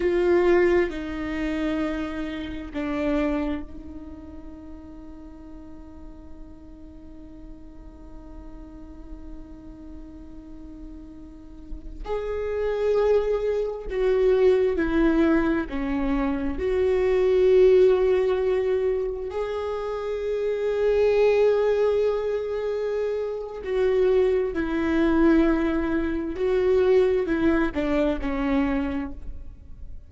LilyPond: \new Staff \with { instrumentName = "viola" } { \time 4/4 \tempo 4 = 66 f'4 dis'2 d'4 | dis'1~ | dis'1~ | dis'4~ dis'16 gis'2 fis'8.~ |
fis'16 e'4 cis'4 fis'4.~ fis'16~ | fis'4~ fis'16 gis'2~ gis'8.~ | gis'2 fis'4 e'4~ | e'4 fis'4 e'8 d'8 cis'4 | }